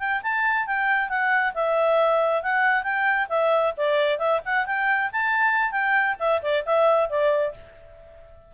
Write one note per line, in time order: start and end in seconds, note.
0.00 0.22 G5
0.23 0.67 A5
0.67 1.10 G5
1.10 1.54 F#5
1.55 2.43 E5
2.43 2.83 F#5
2.83 3.28 G5
3.30 3.74 E5
3.77 4.19 D5
4.19 4.41 E5
4.46 4.67 F#5
4.67 5.11 G5
5.13 5.72 A5
5.72 6.16 G5
6.20 6.42 E5
6.43 6.65 D5
6.66 7.10 E5
7.10 7.55 D5